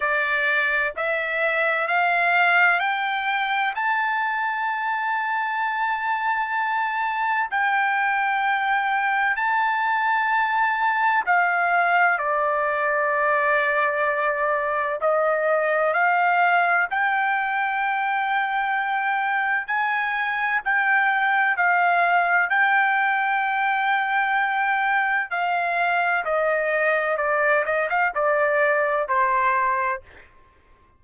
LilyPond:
\new Staff \with { instrumentName = "trumpet" } { \time 4/4 \tempo 4 = 64 d''4 e''4 f''4 g''4 | a''1 | g''2 a''2 | f''4 d''2. |
dis''4 f''4 g''2~ | g''4 gis''4 g''4 f''4 | g''2. f''4 | dis''4 d''8 dis''16 f''16 d''4 c''4 | }